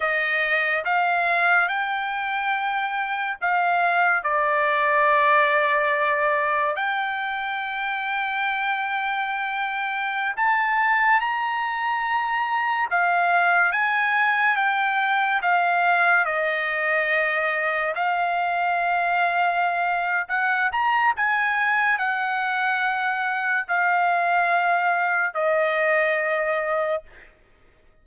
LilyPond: \new Staff \with { instrumentName = "trumpet" } { \time 4/4 \tempo 4 = 71 dis''4 f''4 g''2 | f''4 d''2. | g''1~ | g''16 a''4 ais''2 f''8.~ |
f''16 gis''4 g''4 f''4 dis''8.~ | dis''4~ dis''16 f''2~ f''8. | fis''8 ais''8 gis''4 fis''2 | f''2 dis''2 | }